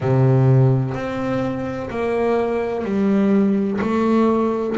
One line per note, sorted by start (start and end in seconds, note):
0.00 0.94 C3
0.94 1.89 C4
1.90 2.84 A#3
2.84 3.79 G3
3.81 4.76 A3